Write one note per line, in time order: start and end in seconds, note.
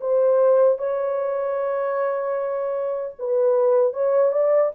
0.00 0.78 C5
0.78 3.15 C#5
3.19 3.93 B4
3.93 4.32 C#5
4.32 4.72 D5